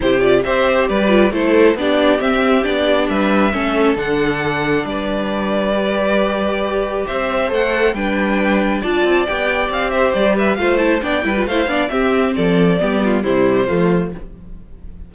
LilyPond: <<
  \new Staff \with { instrumentName = "violin" } { \time 4/4 \tempo 4 = 136 c''8 d''8 e''4 d''4 c''4 | d''4 e''4 d''4 e''4~ | e''4 fis''2 d''4~ | d''1 |
e''4 fis''4 g''2 | a''4 g''4 f''8 e''8 d''8 e''8 | f''8 a''8 g''4 f''4 e''4 | d''2 c''2 | }
  \new Staff \with { instrumentName = "violin" } { \time 4/4 g'4 c''4 b'4 a'4 | g'2. b'4 | a'2. b'4~ | b'1 |
c''2 b'2 | d''2~ d''8 c''4 b'8 | c''4 d''8 b'8 c''8 d''8 g'4 | a'4 g'8 f'8 e'4 f'4 | }
  \new Staff \with { instrumentName = "viola" } { \time 4/4 e'8 f'8 g'4. f'8 e'4 | d'4 c'4 d'2 | cis'4 d'2.~ | d'4 g'2.~ |
g'4 a'4 d'2 | f'4 g'2. | f'8 e'8 d'8 e'16 f'16 e'8 d'8 c'4~ | c'4 b4 g4 a4 | }
  \new Staff \with { instrumentName = "cello" } { \time 4/4 c4 c'4 g4 a4 | b4 c'4 b4 g4 | a4 d2 g4~ | g1 |
c'4 a4 g2 | d'8 c'8 b4 c'4 g4 | a4 b8 g8 a8 b8 c'4 | f4 g4 c4 f4 | }
>>